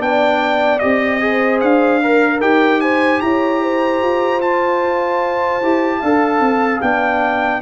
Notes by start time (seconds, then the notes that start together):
0.00 B3 D4 D5 G5
0.79 C4 G4 D#5
1.21 G#4 C5
1.61 D4 F5
2.03 A#4
2.41 D#4 G4 G5
2.81 C5 G#5
3.21 E4 C#5 A#5
3.63 C5
4.02 F4
4.42 F4 A5
5.62 E4 G4
6.00 D4 A4 F5
6.40 C4
6.82 B3 D4 G5